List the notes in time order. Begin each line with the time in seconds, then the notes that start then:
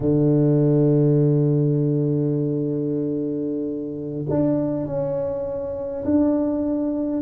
0.00 D3
4.29 D4
4.86 C#4
6.04 D4